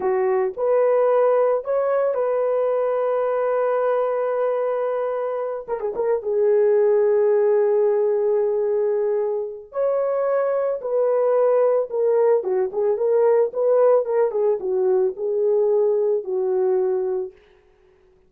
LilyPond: \new Staff \with { instrumentName = "horn" } { \time 4/4 \tempo 4 = 111 fis'4 b'2 cis''4 | b'1~ | b'2~ b'8 ais'16 gis'16 ais'8 gis'8~ | gis'1~ |
gis'2 cis''2 | b'2 ais'4 fis'8 gis'8 | ais'4 b'4 ais'8 gis'8 fis'4 | gis'2 fis'2 | }